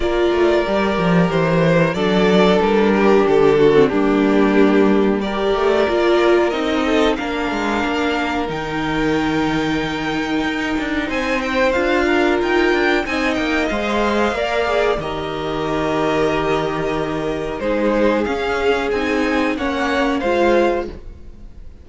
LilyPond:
<<
  \new Staff \with { instrumentName = "violin" } { \time 4/4 \tempo 4 = 92 d''2 c''4 d''4 | ais'4 a'4 g'2 | d''2 dis''4 f''4~ | f''4 g''2.~ |
g''4 gis''8 g''8 f''4 g''4 | gis''8 g''8 f''2 dis''4~ | dis''2. c''4 | f''4 gis''4 fis''4 f''4 | }
  \new Staff \with { instrumentName = "violin" } { \time 4/4 ais'2. a'4~ | a'8 g'4 fis'8 d'2 | ais'2~ ais'8 a'8 ais'4~ | ais'1~ |
ais'4 c''4. ais'4. | dis''2 d''4 ais'4~ | ais'2. gis'4~ | gis'2 cis''4 c''4 | }
  \new Staff \with { instrumentName = "viola" } { \time 4/4 f'4 g'2 d'4~ | d'4.~ d'16 c'16 ais2 | g'4 f'4 dis'4 d'4~ | d'4 dis'2.~ |
dis'2 f'2 | dis'4 c''4 ais'8 gis'8 g'4~ | g'2. dis'4 | cis'4 dis'4 cis'4 f'4 | }
  \new Staff \with { instrumentName = "cello" } { \time 4/4 ais8 a8 g8 f8 e4 fis4 | g4 d4 g2~ | g8 a8 ais4 c'4 ais8 gis8 | ais4 dis2. |
dis'8 d'8 c'4 d'4 dis'8 d'8 | c'8 ais8 gis4 ais4 dis4~ | dis2. gis4 | cis'4 c'4 ais4 gis4 | }
>>